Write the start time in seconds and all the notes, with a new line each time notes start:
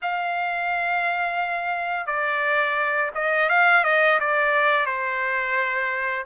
0.02 F5
2.06 D5
3.14 D#5
3.49 F5
3.84 D#5
4.20 D5
4.86 C5